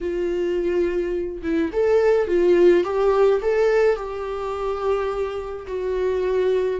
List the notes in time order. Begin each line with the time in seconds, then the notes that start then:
0.00 F4
1.42 E4
1.73 A4
2.27 F4
2.84 G4
3.41 A4
3.96 G4
5.67 F#4